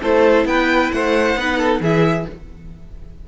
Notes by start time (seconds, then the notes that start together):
0.00 A3 E4 A4 C5
0.44 B3 B4 G5
0.91 A3 C5 F#5
1.35 B3 D#4 B4
1.58 A4
1.80 E3 E4 G#4 E5